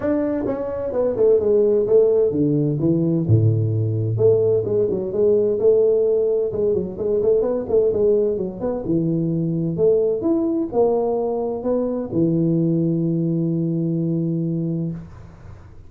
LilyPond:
\new Staff \with { instrumentName = "tuba" } { \time 4/4 \tempo 4 = 129 d'4 cis'4 b8 a8 gis4 | a4 d4 e4 a,4~ | a,4 a4 gis8 fis8 gis4 | a2 gis8 fis8 gis8 a8 |
b8 a8 gis4 fis8 b8 e4~ | e4 a4 e'4 ais4~ | ais4 b4 e2~ | e1 | }